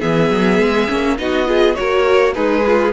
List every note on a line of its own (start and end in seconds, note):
0.00 0.30 E3
0.00 0.88 B3
0.00 1.17 G#4
0.00 1.18 E5
0.30 0.59 F#3
0.59 0.88 G#3
0.88 1.19 A#3
0.88 1.17 C#4
1.19 1.77 B3
1.19 1.46 D#4
1.19 1.48 F#4
1.19 1.76 D#5
1.46 1.75 F4
1.46 1.78 G#4
1.76 2.37 A#3
1.76 2.35 F#4
1.76 2.35 A#4
1.76 2.34 C#5
2.35 2.93 G#3
2.35 2.64 D#4
2.35 2.93 G#4
2.35 2.93 B4
2.67 2.93 F4